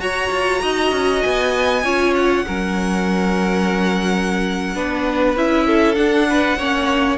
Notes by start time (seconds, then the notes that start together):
0.00 F#4 C#5 A#5
0.31 F4
0.62 D#4 D#5
0.92 C#4
1.22 B3 G#5
1.84 C#4 F4 C#5
2.15 F#5
2.47 F#3 C#4 A#4
4.75 B3 D4 B4
5.36 C#4 E4 E5
5.67 A4
5.95 D4 F#5
6.30 B4
6.58 A#3 C#4 C#5